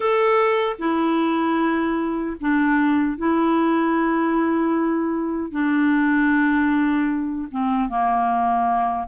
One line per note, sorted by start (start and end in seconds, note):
0.00 0.76 A4
0.79 2.36 E4
2.40 3.17 D4
3.17 5.50 E4
5.50 7.48 D4
7.51 7.89 C4
7.89 9.07 A#3